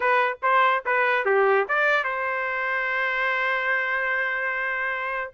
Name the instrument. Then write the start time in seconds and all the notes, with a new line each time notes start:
trumpet
0.00 B4
0.42 C5
0.85 B4
1.25 G4
1.68 D5
2.03 C5